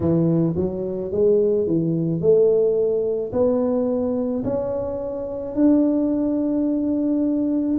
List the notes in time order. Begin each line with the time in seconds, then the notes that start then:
0.00 E3
0.56 F#3
1.11 G#3
1.67 E3
2.20 A3
3.32 B3
4.43 C#4
5.55 D4